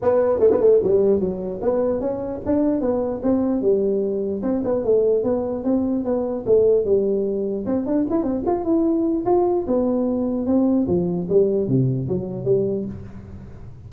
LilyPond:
\new Staff \with { instrumentName = "tuba" } { \time 4/4 \tempo 4 = 149 b4 a16 b16 a8 g4 fis4 | b4 cis'4 d'4 b4 | c'4 g2 c'8 b8 | a4 b4 c'4 b4 |
a4 g2 c'8 d'8 | e'8 c'8 f'8 e'4. f'4 | b2 c'4 f4 | g4 c4 fis4 g4 | }